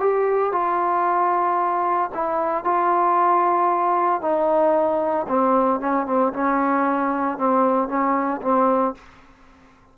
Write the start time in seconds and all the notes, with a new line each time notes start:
0.00 G4
0.52 F4
2.14 E4
2.64 F4
4.22 D#4
5.28 C4
5.80 C#4
6.06 C4
6.33 C#4
7.38 C4
7.89 C#4
8.42 C4